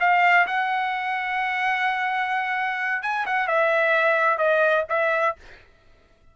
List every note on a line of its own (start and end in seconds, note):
0.00 0.47 F5
0.47 3.03 F#5
3.03 3.26 G#5
3.26 3.48 F#5
3.48 4.38 E5
4.38 4.85 D#5
4.89 5.36 E5